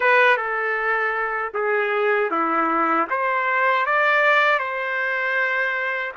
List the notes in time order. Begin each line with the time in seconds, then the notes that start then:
0.00 B4
0.37 A4
1.53 G#4
2.30 E4
3.10 C5
3.86 D5
4.58 C5